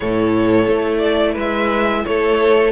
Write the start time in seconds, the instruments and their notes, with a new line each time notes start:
0.00 cello A2, viola E4, violin A4 C#5
0.68 cello A3
0.98 violin D5
1.33 cello G#3, violin B4 E5
2.05 cello A3, violin A4 C#5